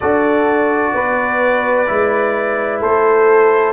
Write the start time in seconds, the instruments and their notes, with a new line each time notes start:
0.00 tuba D4, trombone F#4, horn A4, trumpet D5
0.94 tuba B3, horn B4
1.86 tuba G#3, trombone E4
2.80 tuba A3, horn A4, trumpet C5